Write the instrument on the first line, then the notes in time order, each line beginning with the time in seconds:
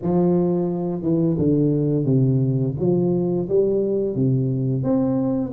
tuba
0.02 F3
1.02 E3
1.38 D3
2.05 C3
2.79 F3
3.48 G3
4.15 C3
4.83 C4